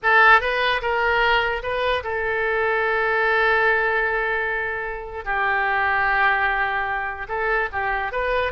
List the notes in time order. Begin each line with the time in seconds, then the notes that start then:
0.02 A4
0.40 B4
0.81 A#4
1.62 B4
2.03 A4
5.24 G4
7.28 A4
7.72 G4
8.12 B4